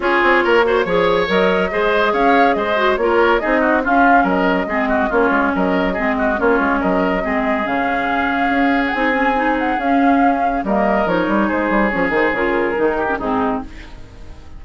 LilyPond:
<<
  \new Staff \with { instrumentName = "flute" } { \time 4/4 \tempo 4 = 141 cis''2. dis''4~ | dis''4 f''4 dis''4 cis''4 | dis''4 f''4 dis''2 | cis''4 dis''2 cis''4 |
dis''2 f''2~ | f''8. fis''16 gis''4. fis''8 f''4~ | f''4 dis''4 cis''4 c''4 | cis''8 c''8 ais'2 gis'4 | }
  \new Staff \with { instrumentName = "oboe" } { \time 4/4 gis'4 ais'8 c''8 cis''2 | c''4 cis''4 c''4 ais'4 | gis'8 fis'8 f'4 ais'4 gis'8 fis'8 | f'4 ais'4 gis'8 fis'8 f'4 |
ais'4 gis'2.~ | gis'1~ | gis'4 ais'2 gis'4~ | gis'2~ gis'8 g'8 dis'4 | }
  \new Staff \with { instrumentName = "clarinet" } { \time 4/4 f'4. fis'8 gis'4 ais'4 | gis'2~ gis'8 fis'8 f'4 | dis'4 cis'2 c'4 | cis'2 c'4 cis'4~ |
cis'4 c'4 cis'2~ | cis'4 dis'8 cis'8 dis'4 cis'4~ | cis'4 ais4 dis'2 | cis'8 dis'8 f'4 dis'8. cis'16 c'4 | }
  \new Staff \with { instrumentName = "bassoon" } { \time 4/4 cis'8 c'8 ais4 f4 fis4 | gis4 cis'4 gis4 ais4 | c'4 cis'4 fis4 gis4 | ais8 gis8 fis4 gis4 ais8 gis8 |
fis4 gis4 cis2 | cis'4 c'2 cis'4~ | cis'4 g4 f8 g8 gis8 g8 | f8 dis8 cis4 dis4 gis,4 | }
>>